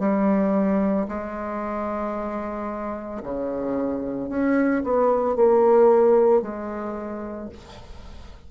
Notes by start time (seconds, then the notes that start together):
0.00 G3
1.09 G#3
3.24 C#3
4.30 C#4
4.84 B3
5.36 A#3
6.42 G#3